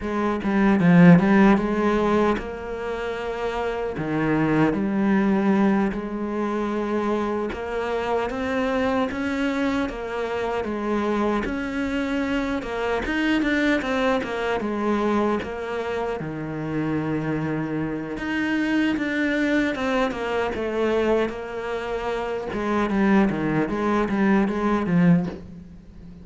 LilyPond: \new Staff \with { instrumentName = "cello" } { \time 4/4 \tempo 4 = 76 gis8 g8 f8 g8 gis4 ais4~ | ais4 dis4 g4. gis8~ | gis4. ais4 c'4 cis'8~ | cis'8 ais4 gis4 cis'4. |
ais8 dis'8 d'8 c'8 ais8 gis4 ais8~ | ais8 dis2~ dis8 dis'4 | d'4 c'8 ais8 a4 ais4~ | ais8 gis8 g8 dis8 gis8 g8 gis8 f8 | }